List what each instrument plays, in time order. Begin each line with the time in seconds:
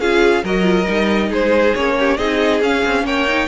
0.00 cello C#4, viola F4, violin G#4 F5
0.44 cello F#3, viola F#4, violin A#4 D#5
0.63 viola F4
0.88 cello G3, viola D#4
1.29 cello G#3, violin G#4 C5
1.75 cello A#3, viola C#4, violin C#5
1.99 violin G4
2.17 cello C4, viola D#4, violin G#4 D#5
2.62 cello C#4, viola C#4, violin F5
2.86 cello C4
3.04 cello A#3, violin C#5 G5
3.28 viola D#4